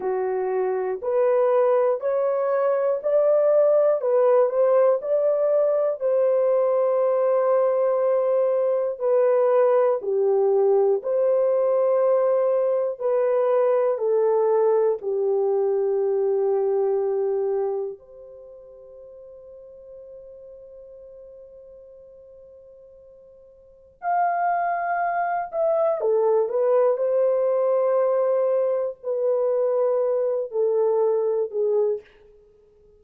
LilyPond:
\new Staff \with { instrumentName = "horn" } { \time 4/4 \tempo 4 = 60 fis'4 b'4 cis''4 d''4 | b'8 c''8 d''4 c''2~ | c''4 b'4 g'4 c''4~ | c''4 b'4 a'4 g'4~ |
g'2 c''2~ | c''1 | f''4. e''8 a'8 b'8 c''4~ | c''4 b'4. a'4 gis'8 | }